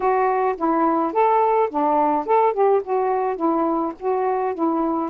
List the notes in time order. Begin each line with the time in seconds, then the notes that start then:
0.00 F#4
0.57 E4
1.12 A4
1.70 D4
2.26 A4
2.53 G4
2.83 F#4
3.36 E4
3.99 F#4
4.54 E4